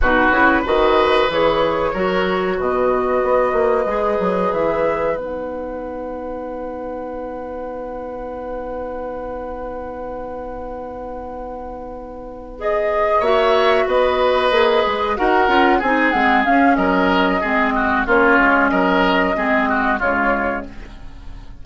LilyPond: <<
  \new Staff \with { instrumentName = "flute" } { \time 4/4 \tempo 4 = 93 b'4 dis''4 cis''2 | dis''2. e''4 | fis''1~ | fis''1~ |
fis''2.~ fis''8 dis''8~ | dis''8 e''4 dis''2 fis''8~ | fis''8 gis''8 fis''8 f''8 dis''2 | cis''4 dis''2 cis''4 | }
  \new Staff \with { instrumentName = "oboe" } { \time 4/4 fis'4 b'2 ais'4 | b'1~ | b'1~ | b'1~ |
b'1~ | b'8 cis''4 b'2 ais'8~ | ais'8 gis'4. ais'4 gis'8 fis'8 | f'4 ais'4 gis'8 fis'8 f'4 | }
  \new Staff \with { instrumentName = "clarinet" } { \time 4/4 dis'8 e'8 fis'4 gis'4 fis'4~ | fis'2 gis'2 | dis'1~ | dis'1~ |
dis'2.~ dis'8 gis'8~ | gis'8 fis'2 gis'4 fis'8 | f'8 dis'8 c'8 cis'4. c'4 | cis'2 c'4 gis4 | }
  \new Staff \with { instrumentName = "bassoon" } { \time 4/4 b,8 cis8 dis4 e4 fis4 | b,4 b8 ais8 gis8 fis8 e4 | b1~ | b1~ |
b1~ | b8 ais4 b4 ais8 gis8 dis'8 | cis'8 c'8 gis8 cis'8 fis4 gis4 | ais8 gis8 fis4 gis4 cis4 | }
>>